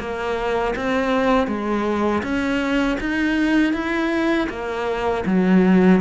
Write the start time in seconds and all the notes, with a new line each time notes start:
0.00 A#3
0.76 C4
1.48 G#3
2.23 C#4
3.00 D#4
3.74 E4
4.50 A#3
5.26 F#3